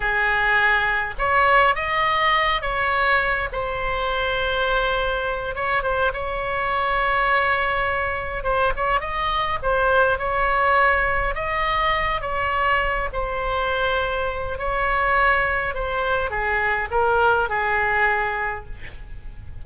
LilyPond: \new Staff \with { instrumentName = "oboe" } { \time 4/4 \tempo 4 = 103 gis'2 cis''4 dis''4~ | dis''8 cis''4. c''2~ | c''4. cis''8 c''8 cis''4.~ | cis''2~ cis''8 c''8 cis''8 dis''8~ |
dis''8 c''4 cis''2 dis''8~ | dis''4 cis''4. c''4.~ | c''4 cis''2 c''4 | gis'4 ais'4 gis'2 | }